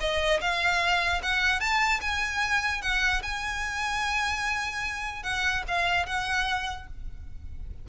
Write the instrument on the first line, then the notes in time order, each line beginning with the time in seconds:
violin
0.00 D#5
0.41 F5
1.22 F#5
1.60 A5
2.01 G#5
2.82 F#5
3.22 G#5
5.23 F#5
5.68 F5
6.06 F#5